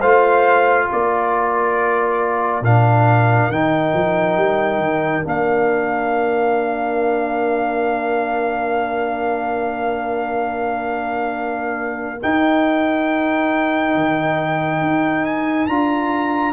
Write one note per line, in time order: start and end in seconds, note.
0.00 0.90 A3
0.00 2.64 F4
0.00 0.87 C5
0.00 0.89 F5
0.92 2.61 A#3
0.92 16.53 A#4
0.92 2.65 D5
2.61 3.48 A#2
2.61 3.52 D4
2.61 3.51 F5
3.50 3.93 D#3
3.50 5.23 D#4
3.50 5.25 G5
3.94 4.37 F3
4.37 4.78 G3
4.78 5.22 D#3
5.23 12.22 A#3
5.23 12.19 D4
5.23 12.23 F5
12.23 15.70 D#4
12.23 13.95 D#4
12.23 15.26 G5
13.95 14.81 D#3
14.81 15.68 D#4
15.26 15.67 G#5
15.67 16.53 D4
15.67 16.53 F4
15.67 16.53 A#5